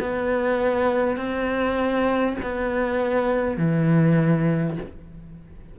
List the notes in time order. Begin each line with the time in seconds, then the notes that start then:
0.00 B3
1.17 C4
2.42 B3
3.57 E3